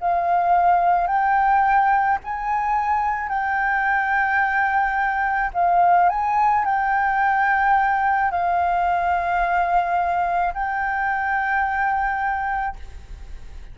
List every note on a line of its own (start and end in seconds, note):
0.00 1.07 F5
1.07 2.18 G5
2.24 3.28 G#5
3.28 5.51 G5
5.54 6.09 F5
6.09 6.65 G#5
6.65 8.31 G5
8.31 10.54 F5
10.54 12.76 G5